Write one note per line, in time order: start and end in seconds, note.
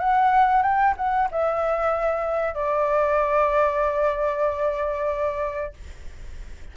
0.00 0.63 F#5
0.63 0.95 G5
0.97 1.29 F#5
1.32 2.55 E5
2.55 5.74 D5